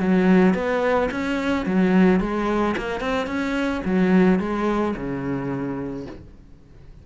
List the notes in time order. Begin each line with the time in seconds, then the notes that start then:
0.00 F#3
0.54 B3
1.11 C#4
1.66 F#3
2.20 G#3
2.77 A#3
3.00 C4
3.27 C#4
3.85 F#3
4.40 G#3
4.96 C#3